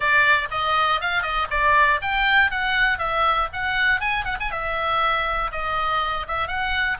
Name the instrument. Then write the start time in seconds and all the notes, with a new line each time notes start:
oboe
0.00 D5
0.50 D#5
1.00 F5
1.22 D#5
1.50 D5
2.01 G5
2.50 F#5
2.98 E5
3.52 F#5
4.00 G#5
4.24 F#5
4.40 G#5
4.51 E5
5.51 D#5
6.27 E5
6.47 F#5